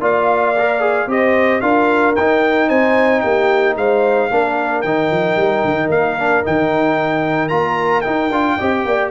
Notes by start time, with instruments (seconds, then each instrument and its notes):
0.00 tuba A#3, trombone F4, horn D5, trumpet F5
0.58 trombone A#4
0.80 trombone G#4
1.07 tuba C4, trombone G4, horn C5, trumpet D#5
1.60 tuba D4, trombone F4, horn A#4, trumpet F5
2.15 tuba D#4, trombone D#4, trumpet G5
2.68 tuba C4, horn C5, trumpet G#5
3.21 tuba A#3, horn G4, trumpet G5
3.76 tuba G#3, horn C5, trumpet F5
4.31 tuba A#3, trombone D4, horn A#4
4.81 tuba D#3, trombone D#4, trumpet G5
5.11 tuba F3
5.36 tuba G3
5.64 tuba D#3
5.88 tuba A#3, trumpet F5
6.18 trombone D4
6.43 tuba D#3, trombone D#4, trumpet G5
7.48 tuba A#3, trombone F4, trumpet A#5
8.01 trombone D#4, tuba D#4, trumpet G5
8.30 tuba D4, trombone F4
8.56 tuba C4, trombone G4, horn D#5
8.84 tuba A#3, horn D5